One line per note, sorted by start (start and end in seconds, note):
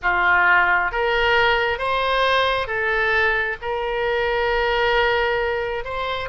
0.02 0.91 F4
0.91 1.78 A#4
1.78 2.67 C5
2.67 3.56 A4
3.61 5.84 A#4
5.84 6.29 C5